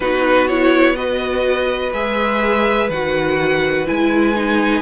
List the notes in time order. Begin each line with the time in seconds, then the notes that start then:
0.00 B3 D#4 F#4 B4
0.47 E4 C#5
0.95 F#4 B4 D#5
1.93 G#3 G#4 E5
2.89 D#3 F#4 F#5
3.86 G#3 E4 G#5
4.35 D#4